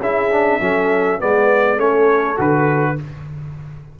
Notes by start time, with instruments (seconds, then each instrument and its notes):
0.00 tuba C#4, trombone E4, horn G#4, trumpet E5
0.31 trombone D4
0.60 tuba F#3, trombone C#4, horn A4
1.19 tuba G#3, trombone B3, horn B4, trumpet D5
1.76 tuba A3, trombone C#4, horn A4, trumpet C#5
2.37 tuba D3, trombone F#4, trumpet B4